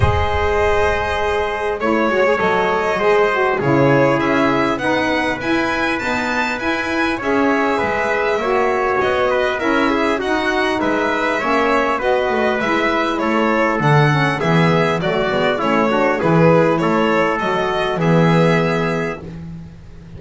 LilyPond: <<
  \new Staff \with { instrumentName = "violin" } { \time 4/4 \tempo 4 = 100 dis''2. cis''4 | dis''2 cis''4 e''4 | fis''4 gis''4 a''4 gis''4 | e''2. dis''4 |
e''4 fis''4 e''2 | dis''4 e''4 cis''4 fis''4 | e''4 d''4 cis''4 b'4 | cis''4 dis''4 e''2 | }
  \new Staff \with { instrumentName = "trumpet" } { \time 4/4 c''2. cis''4~ | cis''4 c''4 gis'2 | b'1 | cis''4 b'4 cis''4. b'8 |
ais'8 gis'8 fis'4 b'4 cis''4 | b'2 a'2 | gis'4 fis'4 e'8 fis'8 gis'4 | a'2 gis'2 | }
  \new Staff \with { instrumentName = "saxophone" } { \time 4/4 gis'2. e'8 fis'16 gis'16 | a'4 gis'8 fis'8 e'2 | dis'4 e'4 b4 e'4 | gis'2 fis'2 |
e'4 dis'2 cis'4 | fis'4 e'2 d'8 cis'8 | b4 a8 b8 cis'8 d'8 e'4~ | e'4 fis'4 b2 | }
  \new Staff \with { instrumentName = "double bass" } { \time 4/4 gis2. a8 gis8 | fis4 gis4 cis4 cis'4 | b4 e'4 dis'4 e'4 | cis'4 gis4 ais4 b4 |
cis'4 dis'4 gis4 ais4 | b8 a8 gis4 a4 d4 | e4 fis8 gis8 a4 e4 | a4 fis4 e2 | }
>>